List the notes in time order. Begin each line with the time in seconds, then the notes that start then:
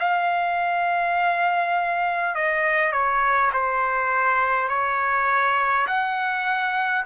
0.00 F5
2.35 D#5
2.93 C#5
3.53 C5
4.69 C#5
5.87 F#5